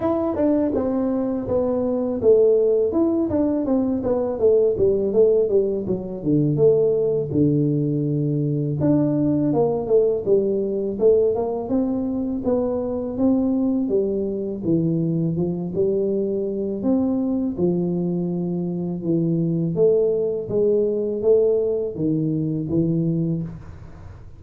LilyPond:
\new Staff \with { instrumentName = "tuba" } { \time 4/4 \tempo 4 = 82 e'8 d'8 c'4 b4 a4 | e'8 d'8 c'8 b8 a8 g8 a8 g8 | fis8 d8 a4 d2 | d'4 ais8 a8 g4 a8 ais8 |
c'4 b4 c'4 g4 | e4 f8 g4. c'4 | f2 e4 a4 | gis4 a4 dis4 e4 | }